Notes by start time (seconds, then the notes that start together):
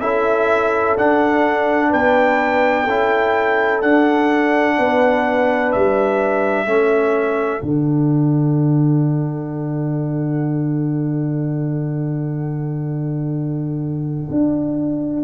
0.00 C#4 E4 A4 E5
0.97 D4 F#5
1.89 B3 B4 G5
2.83 C#4 E4 A4
3.81 D4 F#5
4.78 B3 B4
5.72 G3 E5
6.65 A3 C#4 A4
7.60 D3 D4 F#5
14.30 D4